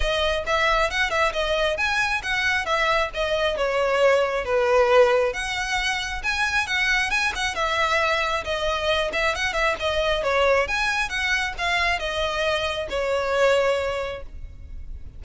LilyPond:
\new Staff \with { instrumentName = "violin" } { \time 4/4 \tempo 4 = 135 dis''4 e''4 fis''8 e''8 dis''4 | gis''4 fis''4 e''4 dis''4 | cis''2 b'2 | fis''2 gis''4 fis''4 |
gis''8 fis''8 e''2 dis''4~ | dis''8 e''8 fis''8 e''8 dis''4 cis''4 | gis''4 fis''4 f''4 dis''4~ | dis''4 cis''2. | }